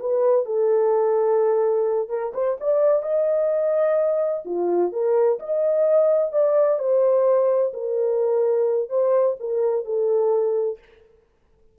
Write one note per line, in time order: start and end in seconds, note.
0.00 0.46 B4
0.46 2.09 A4
2.09 2.33 A#4
2.34 2.57 C5
2.60 3.03 D5
3.03 4.43 D#5
4.45 4.92 F4
4.92 5.39 A#4
5.40 6.32 D#5
6.32 6.79 D5
6.79 7.73 C5
7.74 8.90 A#4
8.90 9.36 C5
9.40 9.85 A#4
9.85 10.79 A4